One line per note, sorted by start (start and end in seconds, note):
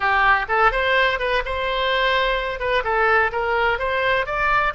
0.00 0.46 G4
0.48 0.71 A4
0.71 1.19 C5
1.19 1.42 B4
1.45 2.59 C5
2.59 2.83 B4
2.83 3.31 A4
3.32 3.79 A#4
3.79 4.25 C5
4.25 4.73 D5